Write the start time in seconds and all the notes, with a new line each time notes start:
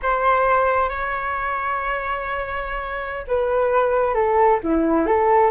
0.02 C5
0.89 C#5
3.27 B4
4.14 A4
4.63 E4
5.06 A4